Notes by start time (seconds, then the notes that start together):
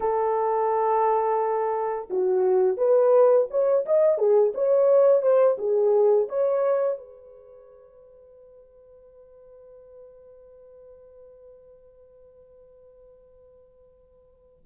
0.00 A4
2.10 F#4
2.77 B4
3.50 C#5
3.85 D#5
4.18 G#4
4.54 C#5
5.22 C5
5.58 G#4
6.29 C#5
6.97 B4